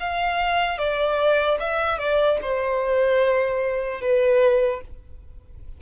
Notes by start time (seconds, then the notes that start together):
0.00 F5
0.78 D5
1.60 E5
1.99 D5
2.42 C5
4.01 B4